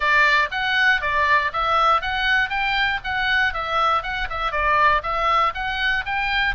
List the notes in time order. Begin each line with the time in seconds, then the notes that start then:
0.00 D5
0.51 F#5
1.01 D5
1.52 E5
2.01 F#5
2.49 G5
3.03 F#5
3.53 E5
4.02 F#5
4.29 E5
4.51 D5
5.02 E5
5.54 F#5
6.05 G5